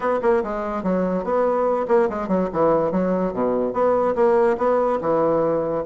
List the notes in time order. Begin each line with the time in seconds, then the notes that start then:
0.00 B3
0.22 A#3
0.43 G#3
0.83 F#3
1.23 B3
1.88 A#3
2.09 G#3
2.27 F#3
2.52 E3
2.91 F#3
3.33 B2
3.73 B3
4.15 A#3
4.57 B3
5.01 E3